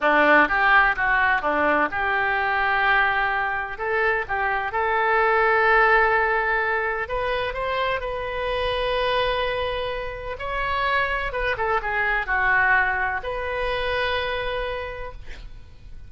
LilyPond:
\new Staff \with { instrumentName = "oboe" } { \time 4/4 \tempo 4 = 127 d'4 g'4 fis'4 d'4 | g'1 | a'4 g'4 a'2~ | a'2. b'4 |
c''4 b'2.~ | b'2 cis''2 | b'8 a'8 gis'4 fis'2 | b'1 | }